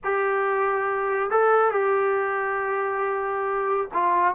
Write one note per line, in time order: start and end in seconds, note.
0.03 1.30 G4
1.30 1.71 A4
1.71 3.89 G4
3.93 4.34 F4